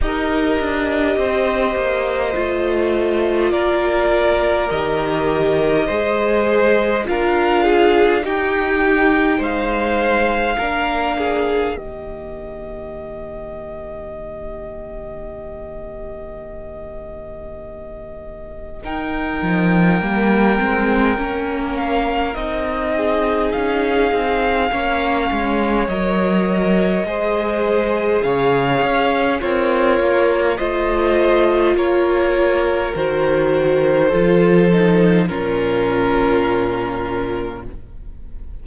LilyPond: <<
  \new Staff \with { instrumentName = "violin" } { \time 4/4 \tempo 4 = 51 dis''2. d''4 | dis''2 f''4 g''4 | f''2 dis''2~ | dis''1 |
g''2~ g''8 f''8 dis''4 | f''2 dis''2 | f''4 cis''4 dis''4 cis''4 | c''2 ais'2 | }
  \new Staff \with { instrumentName = "violin" } { \time 4/4 ais'4 c''2 ais'4~ | ais'4 c''4 ais'8 gis'8 g'4 | c''4 ais'8 gis'8 g'2~ | g'1 |
ais'2.~ ais'8 gis'8~ | gis'4 cis''2 c''4 | cis''4 f'4 c''4 ais'4~ | ais'4 a'4 f'2 | }
  \new Staff \with { instrumentName = "viola" } { \time 4/4 g'2 f'2 | g'4 gis'4 f'4 dis'4~ | dis'4 d'4 ais2~ | ais1 |
dis'4 ais8 c'8 cis'4 dis'4~ | dis'4 cis'4 ais'4 gis'4~ | gis'4 ais'4 f'2 | fis'4 f'8 dis'8 cis'2 | }
  \new Staff \with { instrumentName = "cello" } { \time 4/4 dis'8 d'8 c'8 ais8 a4 ais4 | dis4 gis4 d'4 dis'4 | gis4 ais4 dis2~ | dis1~ |
dis8 f8 g8 gis8 ais4 c'4 | cis'8 c'8 ais8 gis8 fis4 gis4 | cis8 cis'8 c'8 ais8 a4 ais4 | dis4 f4 ais,2 | }
>>